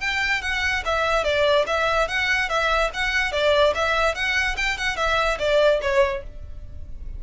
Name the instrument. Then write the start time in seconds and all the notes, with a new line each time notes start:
violin
0.00 G5
0.41 F#5
0.85 E5
1.24 D5
1.66 E5
2.08 F#5
2.49 E5
2.93 F#5
3.32 D5
3.74 E5
4.14 F#5
4.56 G5
4.77 F#5
4.96 E5
5.38 D5
5.81 C#5